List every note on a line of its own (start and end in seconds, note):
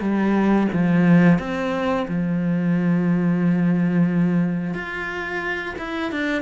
0.00 0.67 G3
0.73 1.39 F3
1.39 2.06 C4
2.08 4.74 F3
4.74 5.75 F4
5.78 6.11 E4
6.11 6.42 D4